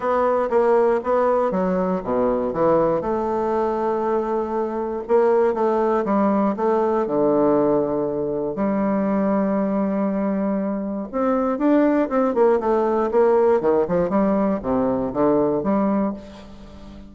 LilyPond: \new Staff \with { instrumentName = "bassoon" } { \time 4/4 \tempo 4 = 119 b4 ais4 b4 fis4 | b,4 e4 a2~ | a2 ais4 a4 | g4 a4 d2~ |
d4 g2.~ | g2 c'4 d'4 | c'8 ais8 a4 ais4 dis8 f8 | g4 c4 d4 g4 | }